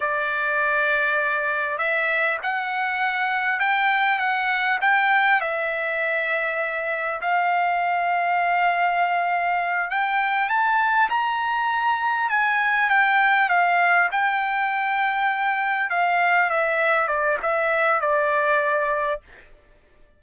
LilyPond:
\new Staff \with { instrumentName = "trumpet" } { \time 4/4 \tempo 4 = 100 d''2. e''4 | fis''2 g''4 fis''4 | g''4 e''2. | f''1~ |
f''8 g''4 a''4 ais''4.~ | ais''8 gis''4 g''4 f''4 g''8~ | g''2~ g''8 f''4 e''8~ | e''8 d''8 e''4 d''2 | }